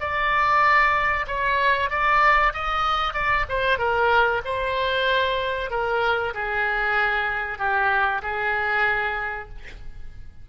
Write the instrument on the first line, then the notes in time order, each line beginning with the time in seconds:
oboe
0.00 D5
1.27 C#5
1.90 D5
2.54 D#5
3.14 D5
3.49 C5
3.79 A#4
4.45 C5
5.71 A#4
6.34 G#4
7.58 G4
8.23 G#4